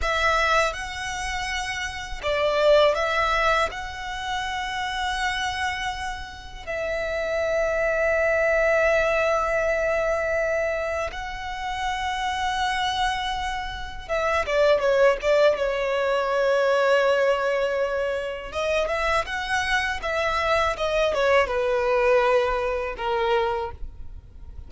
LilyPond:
\new Staff \with { instrumentName = "violin" } { \time 4/4 \tempo 4 = 81 e''4 fis''2 d''4 | e''4 fis''2.~ | fis''4 e''2.~ | e''2. fis''4~ |
fis''2. e''8 d''8 | cis''8 d''8 cis''2.~ | cis''4 dis''8 e''8 fis''4 e''4 | dis''8 cis''8 b'2 ais'4 | }